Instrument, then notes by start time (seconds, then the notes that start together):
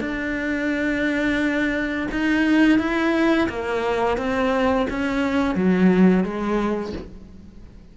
cello
0.00 D4
2.11 D#4
2.79 E4
3.49 A#3
4.17 C4
4.89 C#4
5.55 F#3
6.24 G#3